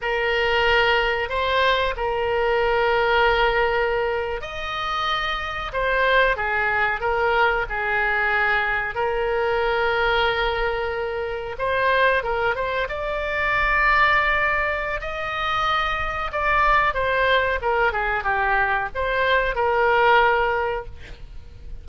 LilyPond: \new Staff \with { instrumentName = "oboe" } { \time 4/4 \tempo 4 = 92 ais'2 c''4 ais'4~ | ais'2~ ais'8. dis''4~ dis''16~ | dis''8. c''4 gis'4 ais'4 gis'16~ | gis'4.~ gis'16 ais'2~ ais'16~ |
ais'4.~ ais'16 c''4 ais'8 c''8 d''16~ | d''2. dis''4~ | dis''4 d''4 c''4 ais'8 gis'8 | g'4 c''4 ais'2 | }